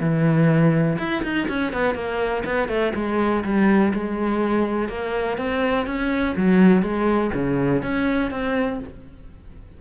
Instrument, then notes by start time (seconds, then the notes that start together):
cello
0.00 E3
0.98 E4
1.23 D#4
1.48 C#4
1.73 B3
1.95 A#3
2.45 B3
2.68 A3
2.95 G#3
3.44 G3
3.94 G#3
4.89 A#3
5.38 C4
5.86 C#4
6.37 F#3
6.82 G#3
7.34 C#3
7.82 C#4
8.31 C4